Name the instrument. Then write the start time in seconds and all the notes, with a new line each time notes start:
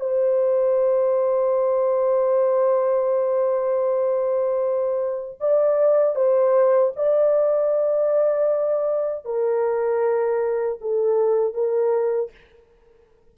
horn
0.00 C5
5.40 D5
6.15 C5
6.96 D5
9.25 A#4
10.81 A4
11.54 A#4